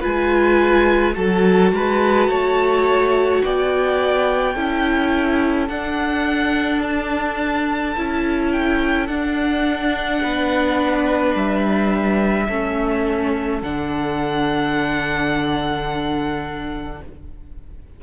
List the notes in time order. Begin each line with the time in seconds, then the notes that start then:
0.00 G#3 F4 B4 G#5
1.14 F#3 F#4 A4 A5
1.72 G#3 B4
2.28 A3 C#5
3.44 B3 D5 G5
4.54 C#4 E4 A4
5.68 D4 F#5
6.82 A5
7.96 C#4 E4
8.52 G5
9.07 D4 F#5
10.22 B3 B4
11.34 G3 E5
12.47 A3 C#4 A4
13.62 D3 D4 F#5